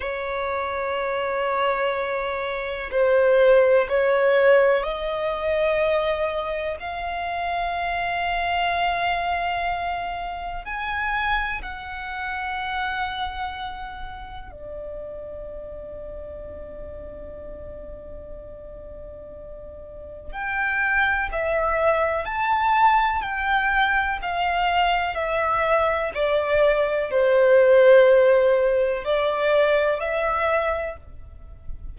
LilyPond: \new Staff \with { instrumentName = "violin" } { \time 4/4 \tempo 4 = 62 cis''2. c''4 | cis''4 dis''2 f''4~ | f''2. gis''4 | fis''2. d''4~ |
d''1~ | d''4 g''4 e''4 a''4 | g''4 f''4 e''4 d''4 | c''2 d''4 e''4 | }